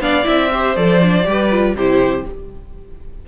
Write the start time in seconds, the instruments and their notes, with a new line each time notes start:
0.00 cello B3, viola D4, violin D5 F5
0.24 cello C4, viola E4, violin E5
0.53 viola G4, violin C5
0.76 cello F3, viola A4, violin D5
1.02 viola D4
1.24 cello G3, viola G4, violin B4
1.52 viola F4
1.76 cello C3, viola E4, violin G4 C5